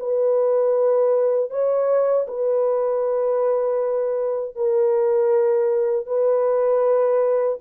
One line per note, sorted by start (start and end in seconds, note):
0.00 1.51 B4
1.51 2.27 C#5
2.28 4.56 B4
4.56 6.07 A#4
6.07 7.59 B4